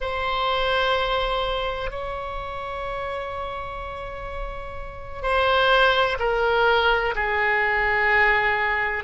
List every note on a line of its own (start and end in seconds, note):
0.00 1.90 C5
1.90 5.22 C#5
5.22 6.17 C5
6.19 7.14 A#4
7.15 9.04 G#4